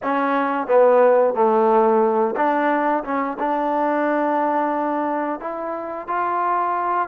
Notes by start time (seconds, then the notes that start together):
0.02 C#4
0.67 B3
1.34 A3
2.36 D4
3.03 C#4
3.39 D4
5.40 E4
6.07 F4